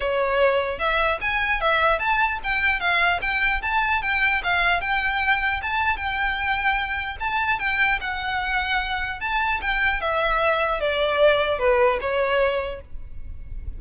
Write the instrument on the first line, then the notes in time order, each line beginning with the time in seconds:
violin
0.00 C#5
0.78 E5
1.21 G#5
1.61 E5
1.99 A5
2.43 G5
2.80 F5
3.21 G5
3.62 A5
4.02 G5
4.43 F5
4.81 G5
5.62 A5
5.96 G5
7.19 A5
7.59 G5
8.00 F#5
9.20 A5
9.61 G5
10.00 E5
10.80 D5
11.58 B4
12.00 C#5